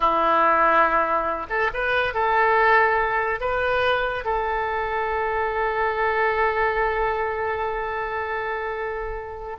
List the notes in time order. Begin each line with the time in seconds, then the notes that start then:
0.00 E4
1.49 A4
1.73 B4
2.14 A4
3.40 B4
4.25 A4